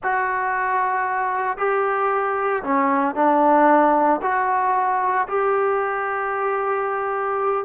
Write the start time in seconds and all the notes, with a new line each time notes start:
0.03 F#4
1.57 G4
2.63 C#4
3.15 D4
4.22 F#4
5.28 G4